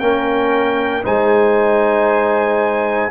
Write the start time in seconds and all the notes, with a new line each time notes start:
0.00 A#3 C#4 A#4 G5
1.04 G#3 D#4 C5 G#5